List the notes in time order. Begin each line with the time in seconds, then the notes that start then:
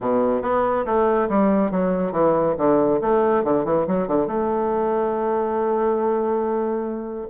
0.01 B2
0.42 B3
0.85 A3
1.29 G3
1.71 F#3
2.12 E3
2.57 D3
3.01 A3
3.44 D3
3.64 E3
3.87 F#3
4.07 D3
4.27 A3